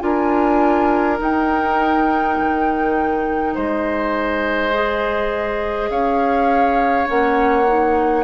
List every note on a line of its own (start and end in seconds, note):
0.00 1.20 D4
0.00 1.18 F4
0.00 3.54 A#4
0.00 1.18 G#5
1.18 4.71 D#4
1.18 2.38 D#4
1.18 3.56 G5
2.40 3.56 D#3
3.54 5.90 G#3
3.54 5.90 C5
3.54 5.90 D#5
4.74 7.07 G#4
5.90 7.08 C#4
5.90 8.24 C#5
5.90 7.08 F5
7.07 8.24 A#3
7.07 7.65 C#4
7.07 8.24 F#5
7.66 8.24 D#4